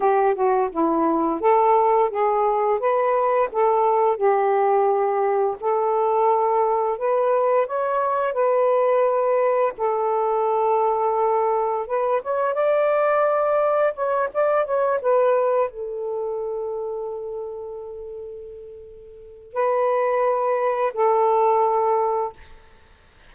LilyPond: \new Staff \with { instrumentName = "saxophone" } { \time 4/4 \tempo 4 = 86 g'8 fis'8 e'4 a'4 gis'4 | b'4 a'4 g'2 | a'2 b'4 cis''4 | b'2 a'2~ |
a'4 b'8 cis''8 d''2 | cis''8 d''8 cis''8 b'4 a'4.~ | a'1 | b'2 a'2 | }